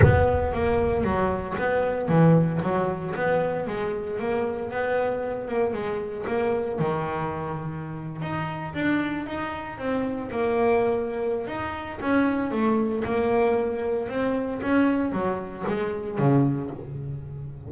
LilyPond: \new Staff \with { instrumentName = "double bass" } { \time 4/4 \tempo 4 = 115 b4 ais4 fis4 b4 | e4 fis4 b4 gis4 | ais4 b4. ais8 gis4 | ais4 dis2~ dis8. dis'16~ |
dis'8. d'4 dis'4 c'4 ais16~ | ais2 dis'4 cis'4 | a4 ais2 c'4 | cis'4 fis4 gis4 cis4 | }